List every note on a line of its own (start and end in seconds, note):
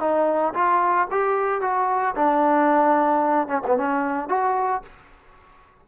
0.00 0.54 D#4
0.54 1.08 F4
1.11 1.61 G4
1.61 2.15 F#4
2.16 3.48 D4
3.48 3.61 C#4
3.67 3.77 B3
3.77 4.29 C#4
4.29 4.83 F#4